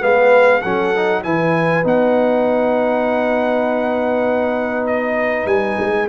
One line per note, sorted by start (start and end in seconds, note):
0.00 0.63 G#3
0.00 0.61 B3
0.00 0.61 B4
0.00 0.61 F5
0.61 1.24 F#3
0.61 0.95 C#4
0.61 1.22 A4
0.61 1.22 F#5
0.96 1.23 D#4
1.23 1.84 E3
1.23 1.83 E4
1.23 6.09 B4
1.23 1.84 G#5
1.83 5.46 B3
1.83 6.08 D#4
1.83 4.87 F#5
4.87 5.47 D#5
5.46 5.76 G3
5.46 6.07 G#5
5.79 6.09 G#3